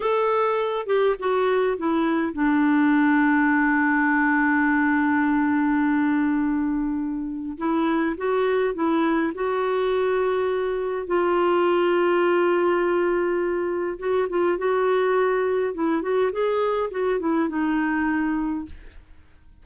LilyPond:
\new Staff \with { instrumentName = "clarinet" } { \time 4/4 \tempo 4 = 103 a'4. g'8 fis'4 e'4 | d'1~ | d'1~ | d'4 e'4 fis'4 e'4 |
fis'2. f'4~ | f'1 | fis'8 f'8 fis'2 e'8 fis'8 | gis'4 fis'8 e'8 dis'2 | }